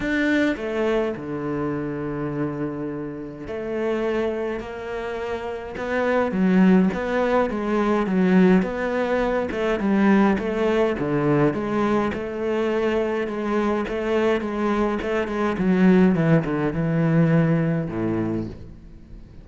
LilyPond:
\new Staff \with { instrumentName = "cello" } { \time 4/4 \tempo 4 = 104 d'4 a4 d2~ | d2 a2 | ais2 b4 fis4 | b4 gis4 fis4 b4~ |
b8 a8 g4 a4 d4 | gis4 a2 gis4 | a4 gis4 a8 gis8 fis4 | e8 d8 e2 a,4 | }